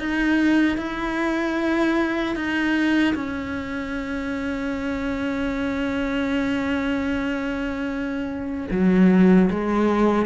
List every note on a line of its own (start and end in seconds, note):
0.00 0.78 D#4
0.78 2.36 E4
2.36 3.15 D#4
3.15 8.68 C#4
8.71 9.50 F#3
9.51 10.26 G#3